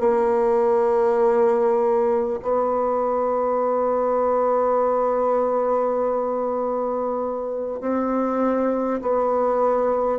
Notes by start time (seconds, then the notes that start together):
0.00 A#3
2.42 B3
7.81 C4
9.02 B3